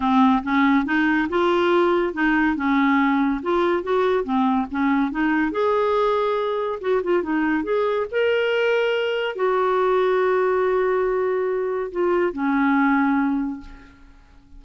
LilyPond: \new Staff \with { instrumentName = "clarinet" } { \time 4/4 \tempo 4 = 141 c'4 cis'4 dis'4 f'4~ | f'4 dis'4 cis'2 | f'4 fis'4 c'4 cis'4 | dis'4 gis'2. |
fis'8 f'8 dis'4 gis'4 ais'4~ | ais'2 fis'2~ | fis'1 | f'4 cis'2. | }